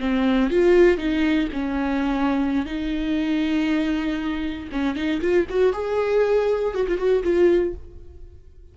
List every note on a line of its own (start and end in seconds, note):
0.00 0.51 C4
0.51 0.98 F4
0.98 1.48 D#4
1.53 2.66 C#4
2.66 4.69 D#4
4.72 4.96 C#4
4.96 5.21 D#4
5.21 5.47 F4
5.50 5.73 F#4
5.73 6.74 G#4
6.74 6.87 F#4
6.88 6.98 F4
6.98 7.23 F#4
7.23 7.74 F4